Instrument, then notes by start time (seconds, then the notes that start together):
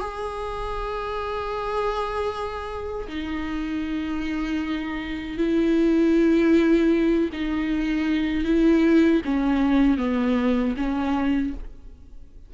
viola
0.00 G#4
3.08 D#4
5.38 E4
7.33 D#4
8.44 E4
9.25 C#4
9.98 B3
10.77 C#4